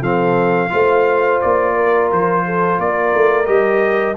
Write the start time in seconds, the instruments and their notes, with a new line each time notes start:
0.00 tuba F3, trombone C4, horn A4, trumpet F5
0.69 tuba A3, trombone F4, horn C5
1.41 tuba A#3, trumpet D5
1.74 horn A#4
2.11 tuba F3, trumpet C5
2.46 horn A4
2.78 tuba A#3, horn A#4, trumpet D5
3.14 tuba A3
3.45 tuba G3, trombone G4, trumpet D#5